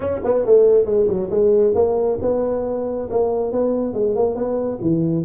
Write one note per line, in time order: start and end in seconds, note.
0.00 0.20 C#4
0.24 0.45 B3
0.45 0.85 A3
0.85 1.07 G#3
1.07 1.29 F#3
1.30 1.74 G#3
1.74 2.18 A#3
2.21 3.09 B3
3.10 3.52 A#3
3.52 3.93 B3
3.93 4.15 G#3
4.15 4.35 A#3
4.35 4.79 B3
4.81 5.24 E3